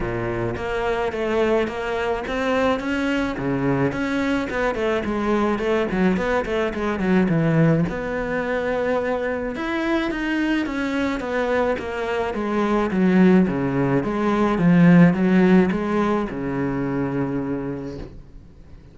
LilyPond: \new Staff \with { instrumentName = "cello" } { \time 4/4 \tempo 4 = 107 ais,4 ais4 a4 ais4 | c'4 cis'4 cis4 cis'4 | b8 a8 gis4 a8 fis8 b8 a8 | gis8 fis8 e4 b2~ |
b4 e'4 dis'4 cis'4 | b4 ais4 gis4 fis4 | cis4 gis4 f4 fis4 | gis4 cis2. | }